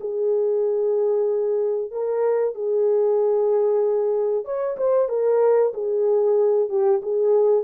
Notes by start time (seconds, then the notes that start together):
0.00 G#4
1.91 A#4
2.54 G#4
4.44 C#5
4.77 C5
5.09 A#4
5.73 G#4
6.68 G4
7.02 G#4